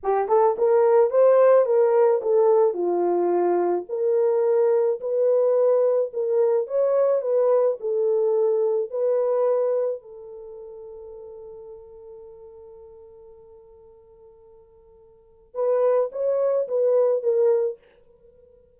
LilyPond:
\new Staff \with { instrumentName = "horn" } { \time 4/4 \tempo 4 = 108 g'8 a'8 ais'4 c''4 ais'4 | a'4 f'2 ais'4~ | ais'4 b'2 ais'4 | cis''4 b'4 a'2 |
b'2 a'2~ | a'1~ | a'1 | b'4 cis''4 b'4 ais'4 | }